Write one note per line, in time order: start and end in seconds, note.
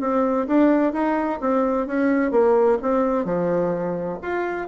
0.00 0.47 C4
0.47 0.93 D4
0.93 1.40 D#4
1.40 1.87 C4
1.87 2.31 C#4
2.31 2.78 A#3
2.82 3.25 C4
3.25 4.19 F3
4.22 4.68 F4